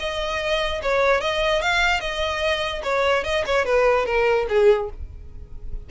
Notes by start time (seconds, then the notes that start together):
0.00 D#5
0.83 C#5
1.21 D#5
1.62 F5
2.01 D#5
2.83 C#5
3.24 D#5
3.46 C#5
3.65 B4
4.06 A#4
4.49 G#4